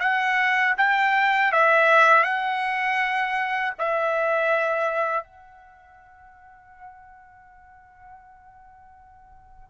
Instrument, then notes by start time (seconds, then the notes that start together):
trumpet
0.00 F#5
0.77 G5
1.52 E5
2.24 F#5
3.79 E5
5.24 F#5